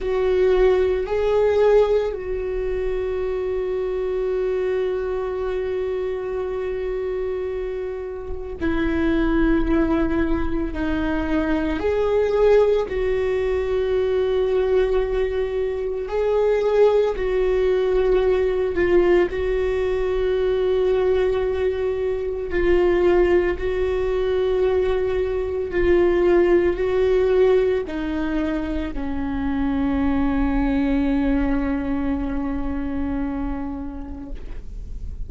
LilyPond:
\new Staff \with { instrumentName = "viola" } { \time 4/4 \tempo 4 = 56 fis'4 gis'4 fis'2~ | fis'1 | e'2 dis'4 gis'4 | fis'2. gis'4 |
fis'4. f'8 fis'2~ | fis'4 f'4 fis'2 | f'4 fis'4 dis'4 cis'4~ | cis'1 | }